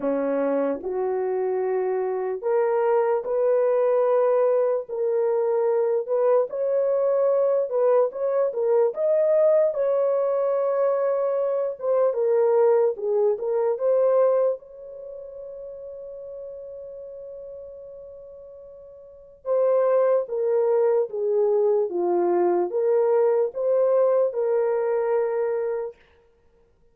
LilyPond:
\new Staff \with { instrumentName = "horn" } { \time 4/4 \tempo 4 = 74 cis'4 fis'2 ais'4 | b'2 ais'4. b'8 | cis''4. b'8 cis''8 ais'8 dis''4 | cis''2~ cis''8 c''8 ais'4 |
gis'8 ais'8 c''4 cis''2~ | cis''1 | c''4 ais'4 gis'4 f'4 | ais'4 c''4 ais'2 | }